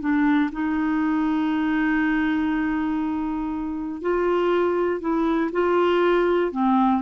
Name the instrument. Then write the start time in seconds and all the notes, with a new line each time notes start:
clarinet
0.00 D4
0.52 D#4
4.01 F4
5.01 E4
5.52 F4
6.52 C4